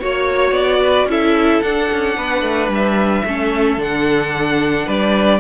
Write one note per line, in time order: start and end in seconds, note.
0.00 0.52 A#3
0.00 1.10 F#4
0.00 0.81 C#5
0.00 0.54 C#5
0.52 1.06 B3
0.52 1.08 D5
0.82 1.09 B4
1.06 1.60 C#4
1.06 1.63 E4
1.06 2.17 A4
1.06 1.62 E5
1.62 3.25 D4
1.62 1.90 D4
1.62 2.71 F#5
1.92 2.17 C#4
2.17 2.43 B3
2.17 3.25 B4
2.43 2.69 A3
2.69 3.23 G3
2.69 3.82 E5
3.25 3.78 A3
3.25 3.79 C#4
3.25 4.86 A4
3.78 4.86 D3
3.78 5.41 D4
3.78 4.89 F#5
4.86 5.41 G3
4.86 5.40 B4
4.86 5.41 D5